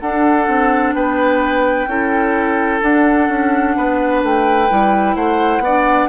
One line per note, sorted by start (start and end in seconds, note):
0.00 0.48 D4
0.00 1.88 D4
0.00 0.95 A4
0.00 0.94 F#5
0.48 0.94 C4
0.94 1.87 B3
0.94 1.89 B4
0.94 2.82 G5
1.87 2.80 C#4
1.87 2.81 E4
1.87 3.77 A4
2.81 4.69 D4
2.81 3.29 D4
2.81 4.23 F#5
3.29 3.76 C#4
3.77 4.23 B3
3.77 5.16 B4
4.23 4.70 A3
4.23 5.16 G5
4.69 5.16 G3
4.69 5.63 E4
5.16 5.59 A3
5.16 5.63 C5
5.16 6.09 F#5
5.59 6.06 B3
5.59 6.09 D5
5.66 6.09 D4